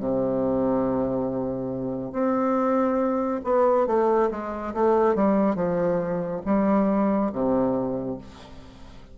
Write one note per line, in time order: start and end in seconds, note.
0.00 2.12 C3
2.12 3.41 C4
3.44 3.87 B3
3.87 4.30 A3
4.31 4.74 G#3
4.75 5.15 A3
5.15 5.55 G3
5.55 6.41 F3
6.46 7.32 G3
7.32 8.18 C3